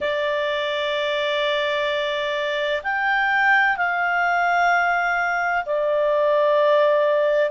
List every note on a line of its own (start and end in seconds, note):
0.00 2.82 D5
2.83 3.77 G5
3.77 5.64 F5
5.65 7.50 D5